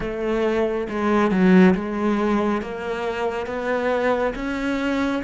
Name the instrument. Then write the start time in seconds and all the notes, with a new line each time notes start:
cello
0.00 A3
0.89 G#3
1.30 F#3
1.74 G#3
2.61 A#3
3.46 B3
4.35 C#4